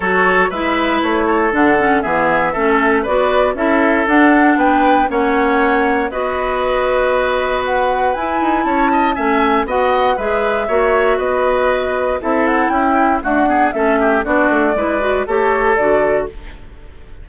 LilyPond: <<
  \new Staff \with { instrumentName = "flute" } { \time 4/4 \tempo 4 = 118 cis''4 e''4 cis''4 fis''4 | e''2 d''4 e''4 | fis''4 g''4 fis''2 | dis''2. fis''4 |
gis''4 a''4 gis''4 fis''4 | e''2 dis''2 | e''8 fis''8 g''4 fis''4 e''4 | d''2 cis''4 d''4 | }
  \new Staff \with { instrumentName = "oboe" } { \time 4/4 a'4 b'4. a'4. | gis'4 a'4 b'4 a'4~ | a'4 b'4 cis''2 | b'1~ |
b'4 cis''8 dis''8 e''4 dis''4 | b'4 cis''4 b'2 | a'4 e'4 fis'8 gis'8 a'8 g'8 | fis'4 b'4 a'2 | }
  \new Staff \with { instrumentName = "clarinet" } { \time 4/4 fis'4 e'2 d'8 cis'8 | b4 cis'4 fis'4 e'4 | d'2 cis'2 | fis'1 |
e'2 cis'4 fis'4 | gis'4 fis'2. | e'2 a8 b8 cis'4 | d'4 e'8 fis'8 g'4 fis'4 | }
  \new Staff \with { instrumentName = "bassoon" } { \time 4/4 fis4 gis4 a4 d4 | e4 a4 b4 cis'4 | d'4 b4 ais2 | b1 |
e'8 dis'8 cis'4 a4 b4 | gis4 ais4 b2 | c'4 cis'4 d'4 a4 | b8 a8 gis4 a4 d4 | }
>>